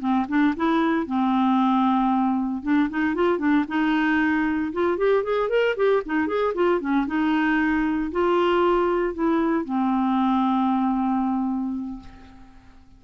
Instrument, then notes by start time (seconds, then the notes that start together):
clarinet
0.00 C4
0.28 D4
0.57 E4
1.06 C4
2.63 D4
2.90 D#4
3.15 F4
3.39 D4
3.68 D#4
4.73 F4
4.98 G4
5.24 G#4
5.49 A#4
5.77 G4
6.06 D#4
6.27 G#4
6.55 F4
6.81 C#4
7.07 D#4
8.12 F4
9.14 E4
9.65 C4